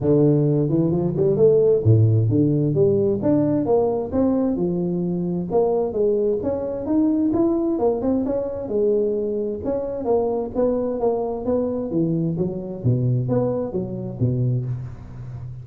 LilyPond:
\new Staff \with { instrumentName = "tuba" } { \time 4/4 \tempo 4 = 131 d4. e8 f8 g8 a4 | a,4 d4 g4 d'4 | ais4 c'4 f2 | ais4 gis4 cis'4 dis'4 |
e'4 ais8 c'8 cis'4 gis4~ | gis4 cis'4 ais4 b4 | ais4 b4 e4 fis4 | b,4 b4 fis4 b,4 | }